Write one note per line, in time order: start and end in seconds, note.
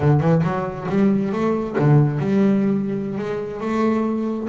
0.00 0.20 D3
0.20 0.42 E3
0.43 0.87 F#3
0.89 1.32 G3
1.32 1.76 A3
1.78 2.19 D3
2.19 3.18 G3
3.18 3.60 G#3
3.60 4.48 A3